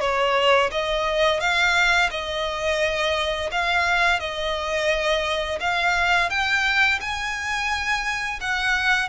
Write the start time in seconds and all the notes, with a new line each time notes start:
0.00 C#5
0.71 D#5
1.40 F5
2.11 D#5
3.51 F5
4.20 D#5
5.60 F5
6.29 G5
7.00 G#5
8.40 F#5